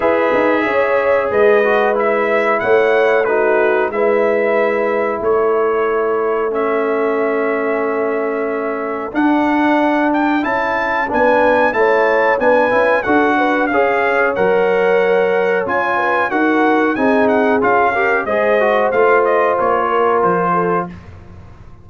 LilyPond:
<<
  \new Staff \with { instrumentName = "trumpet" } { \time 4/4 \tempo 4 = 92 e''2 dis''4 e''4 | fis''4 b'4 e''2 | cis''2 e''2~ | e''2 fis''4. g''8 |
a''4 gis''4 a''4 gis''4 | fis''4 f''4 fis''2 | gis''4 fis''4 gis''8 fis''8 f''4 | dis''4 f''8 dis''8 cis''4 c''4 | }
  \new Staff \with { instrumentName = "horn" } { \time 4/4 b'4 cis''4 b'2 | cis''4 fis'4 b'2 | a'1~ | a'1~ |
a'4 b'4 cis''4 b'4 | a'8 b'8 cis''2.~ | cis''8 b'8 ais'4 gis'4. ais'8 | c''2~ c''8 ais'4 a'8 | }
  \new Staff \with { instrumentName = "trombone" } { \time 4/4 gis'2~ gis'8 fis'8 e'4~ | e'4 dis'4 e'2~ | e'2 cis'2~ | cis'2 d'2 |
e'4 d'4 e'4 d'8 e'8 | fis'4 gis'4 ais'2 | f'4 fis'4 dis'4 f'8 g'8 | gis'8 fis'8 f'2. | }
  \new Staff \with { instrumentName = "tuba" } { \time 4/4 e'8 dis'8 cis'4 gis2 | a2 gis2 | a1~ | a2 d'2 |
cis'4 b4 a4 b8 cis'8 | d'4 cis'4 fis2 | cis'4 dis'4 c'4 cis'4 | gis4 a4 ais4 f4 | }
>>